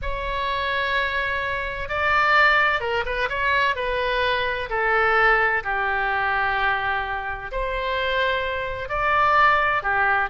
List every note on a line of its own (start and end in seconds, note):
0.01 1.88 C#5
1.88 2.80 D5
2.80 3.04 A#4
3.05 3.29 B4
3.29 3.75 C#5
3.75 4.69 B4
4.69 5.63 A4
5.63 7.51 G4
7.51 8.88 C5
8.88 9.82 D5
9.82 10.29 G4